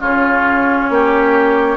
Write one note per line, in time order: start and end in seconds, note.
0.00 0.89 C#3
0.00 1.77 C#4
0.00 0.90 F4
0.00 1.77 C#5
0.89 1.77 A#3
0.89 1.77 G4